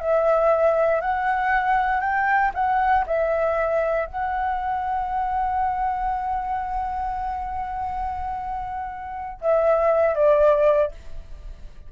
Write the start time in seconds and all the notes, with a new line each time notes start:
0.00 E5
1.01 F#5
2.01 G5
2.55 F#5
3.07 E5
4.07 F#5
9.42 E5
10.16 D5